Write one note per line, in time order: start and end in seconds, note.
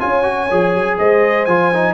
0.00 0.51 C#4
0.00 0.23 F4
0.00 0.98 C#5
0.00 0.98 G#5
0.23 0.48 F#4
0.51 0.75 F3
0.51 1.49 G#4
0.75 0.99 F#3
0.98 1.47 G#3
0.98 1.94 C5
0.98 1.46 D#5
1.46 1.94 F3
1.46 1.73 F4
1.46 1.94 G#5
1.74 1.94 D#4